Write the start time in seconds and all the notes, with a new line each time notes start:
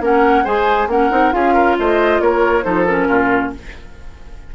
0.00 A#3 C#4 A#4 F#5
0.44 G#3 G#4 C5 G#5
0.87 A#3 C#4 A#4 F#5
1.10 C4 D#4
1.32 C#4 F4 G#4 F5
1.53 A#4
1.78 A3 C5 D#5
2.20 A#3 A#4 C#5
2.63 F3 D#4 A4 C5
2.84 C#4 A#4
3.08 A#2 F4